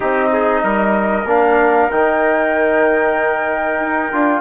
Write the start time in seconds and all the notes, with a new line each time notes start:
0.00 C4 D#4 G4 D#5
0.33 G#4
0.63 G3 A#4
1.24 A#3 D4 F5
1.90 D#3 D#4 G5
3.80 D#4
4.11 D4 F4